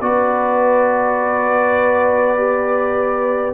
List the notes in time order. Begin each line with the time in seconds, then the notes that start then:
0.00 B3 F#4 B4 D5
2.37 G4